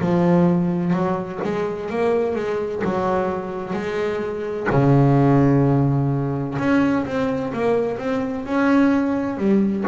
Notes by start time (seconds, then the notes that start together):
0.00 F3
0.93 F#3
1.44 G#3
1.90 A#3
2.35 G#3
2.84 F#3
3.74 G#3
4.70 C#3
6.58 C#4
7.06 C4
7.53 A#3
7.98 C4
8.45 C#4
9.37 G3